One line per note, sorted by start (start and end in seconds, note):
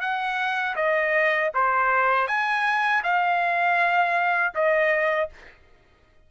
0.00 0.75 F#5
0.76 1.51 D#5
1.54 2.27 C5
2.27 3.02 G#5
3.03 4.53 F5
4.54 5.29 D#5